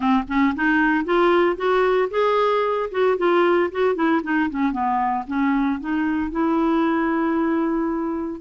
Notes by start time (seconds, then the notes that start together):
0.00 C4
0.28 C#4
0.55 D#4
1.04 F4
1.56 F#4
2.10 G#4
2.91 F#4
3.17 F4
3.71 F#4
3.95 E4
4.23 D#4
4.50 C#4
4.72 B3
5.27 C#4
5.80 D#4
6.31 E4